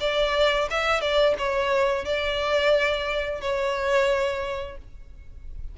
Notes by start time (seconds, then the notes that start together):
0.00 D5
0.70 E5
1.01 D5
1.38 C#5
2.05 D5
3.41 C#5